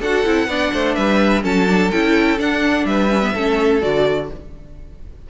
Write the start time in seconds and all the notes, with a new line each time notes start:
0.00 D4 F#4 A4 F#5
0.25 C4 E4
0.47 B3 D4 D5
0.73 A3 C5
0.94 G3 B4 E5
1.42 F#3 C#4 A4 A5
1.67 D4
1.91 C#4 E4 G5
2.37 D4 F#5
2.85 G3 B4 E5
3.10 C#4
3.22 B3
3.34 A3 C#4 A4
3.81 D3 F#4 D5